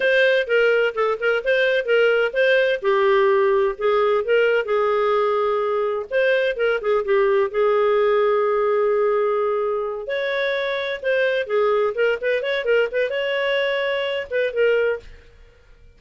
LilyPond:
\new Staff \with { instrumentName = "clarinet" } { \time 4/4 \tempo 4 = 128 c''4 ais'4 a'8 ais'8 c''4 | ais'4 c''4 g'2 | gis'4 ais'4 gis'2~ | gis'4 c''4 ais'8 gis'8 g'4 |
gis'1~ | gis'4. cis''2 c''8~ | c''8 gis'4 ais'8 b'8 cis''8 ais'8 b'8 | cis''2~ cis''8 b'8 ais'4 | }